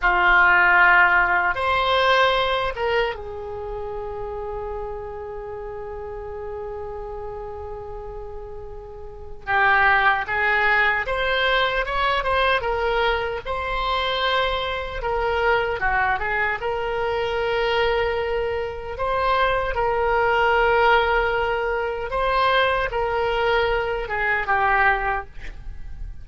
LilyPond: \new Staff \with { instrumentName = "oboe" } { \time 4/4 \tempo 4 = 76 f'2 c''4. ais'8 | gis'1~ | gis'1 | g'4 gis'4 c''4 cis''8 c''8 |
ais'4 c''2 ais'4 | fis'8 gis'8 ais'2. | c''4 ais'2. | c''4 ais'4. gis'8 g'4 | }